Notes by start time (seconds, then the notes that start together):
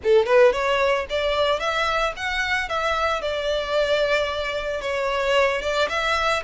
0.03 A4
0.26 B4
0.52 C#5
1.09 D5
1.59 E5
2.16 F#5
2.68 E5
3.21 D5
4.81 C#5
5.61 D5
5.89 E5